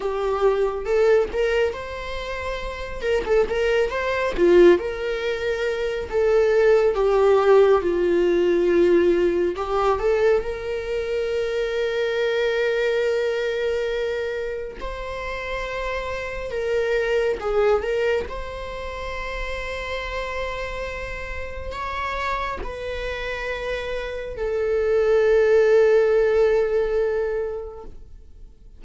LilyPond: \new Staff \with { instrumentName = "viola" } { \time 4/4 \tempo 4 = 69 g'4 a'8 ais'8 c''4. ais'16 a'16 | ais'8 c''8 f'8 ais'4. a'4 | g'4 f'2 g'8 a'8 | ais'1~ |
ais'4 c''2 ais'4 | gis'8 ais'8 c''2.~ | c''4 cis''4 b'2 | a'1 | }